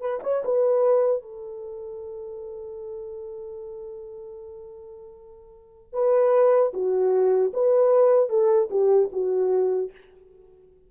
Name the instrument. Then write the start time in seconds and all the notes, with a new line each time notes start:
horn
0.00 B4
0.23 C#5
0.44 B4
1.22 A4
5.93 B4
6.73 F#4
7.53 B4
8.29 A4
8.70 G4
9.12 F#4